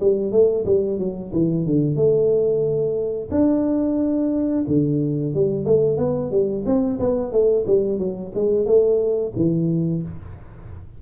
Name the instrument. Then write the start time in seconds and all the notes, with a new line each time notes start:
tuba
0.00 G3
0.32 A3
0.65 G3
0.98 F#3
1.32 E3
1.66 D3
1.95 A3
3.31 D4
4.67 D3
5.34 G3
5.65 A3
5.97 B3
6.31 G3
6.65 C4
6.99 B3
7.32 A3
7.66 G3
7.98 F#3
8.35 G#3
8.66 A3
9.35 E3